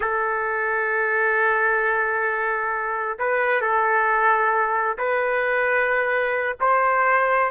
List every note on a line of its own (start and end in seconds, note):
0.00 3.17 A4
3.18 3.61 B4
3.61 4.97 A4
4.98 6.57 B4
6.60 7.50 C5